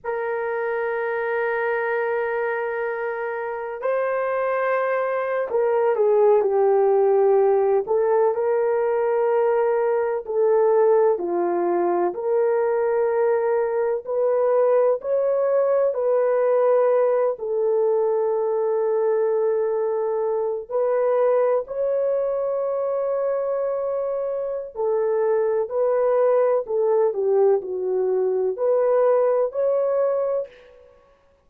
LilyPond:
\new Staff \with { instrumentName = "horn" } { \time 4/4 \tempo 4 = 63 ais'1 | c''4.~ c''16 ais'8 gis'8 g'4~ g'16~ | g'16 a'8 ais'2 a'4 f'16~ | f'8. ais'2 b'4 cis''16~ |
cis''8. b'4. a'4.~ a'16~ | a'4.~ a'16 b'4 cis''4~ cis''16~ | cis''2 a'4 b'4 | a'8 g'8 fis'4 b'4 cis''4 | }